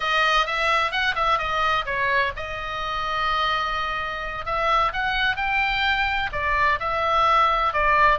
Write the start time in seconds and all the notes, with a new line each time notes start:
0.00 D#5
0.46 E5
0.91 F#5
1.15 E5
1.38 D#5
1.85 C#5
2.36 D#5
4.45 E5
4.92 F#5
5.36 G5
6.32 D5
6.79 E5
7.73 D5